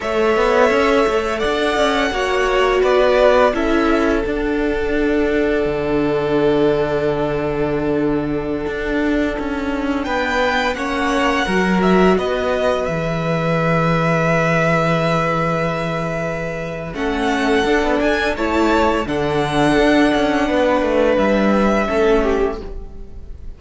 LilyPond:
<<
  \new Staff \with { instrumentName = "violin" } { \time 4/4 \tempo 4 = 85 e''2 fis''2 | d''4 e''4 fis''2~ | fis''1~ | fis''2~ fis''16 g''4 fis''8.~ |
fis''8. e''8 dis''4 e''4.~ e''16~ | e''1 | fis''4. gis''8 a''4 fis''4~ | fis''2 e''2 | }
  \new Staff \with { instrumentName = "violin" } { \time 4/4 cis''2 d''4 cis''4 | b'4 a'2.~ | a'1~ | a'2~ a'16 b'4 cis''8.~ |
cis''16 ais'4 b'2~ b'8.~ | b'1 | a'2 cis''4 a'4~ | a'4 b'2 a'8 g'8 | }
  \new Staff \with { instrumentName = "viola" } { \time 4/4 a'2. fis'4~ | fis'4 e'4 d'2~ | d'1~ | d'2.~ d'16 cis'8.~ |
cis'16 fis'2 gis'4.~ gis'16~ | gis'1 | cis'4 d'4 e'4 d'4~ | d'2. cis'4 | }
  \new Staff \with { instrumentName = "cello" } { \time 4/4 a8 b8 cis'8 a8 d'8 cis'8 ais4 | b4 cis'4 d'2 | d1~ | d16 d'4 cis'4 b4 ais8.~ |
ais16 fis4 b4 e4.~ e16~ | e1 | a4 d'16 b16 d'8 a4 d4 | d'8 cis'8 b8 a8 g4 a4 | }
>>